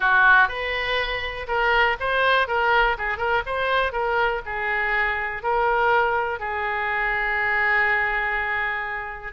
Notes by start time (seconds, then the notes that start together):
0.00 F#4
0.48 B4
1.47 A#4
2.00 C5
2.47 A#4
2.98 G#4
3.17 A#4
3.46 C5
3.92 A#4
4.45 G#4
5.43 A#4
6.39 G#4